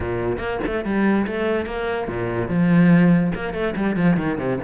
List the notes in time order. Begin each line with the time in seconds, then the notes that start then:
0.00 A#2
0.38 A#3
0.66 A3
0.84 G3
1.27 A3
1.66 A#3
2.08 A#2
2.48 F3
3.34 A#3
3.53 A3
3.76 G3
3.96 F3
4.17 D#3
4.38 C3